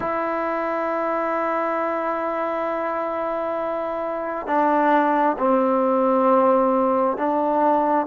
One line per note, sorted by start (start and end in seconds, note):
0.00 4.46 E4
4.46 5.36 D4
5.38 7.16 C4
7.16 8.06 D4